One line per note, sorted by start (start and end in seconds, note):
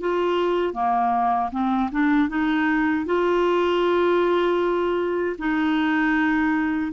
0.00 0.73 F4
0.73 1.50 A#3
1.51 1.90 C4
1.91 2.28 D4
2.28 3.05 D#4
3.05 5.36 F4
5.38 6.92 D#4